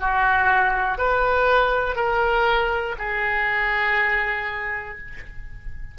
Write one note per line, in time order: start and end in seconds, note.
0.00 0.98 F#4
0.98 1.96 B4
1.96 2.96 A#4
2.99 4.99 G#4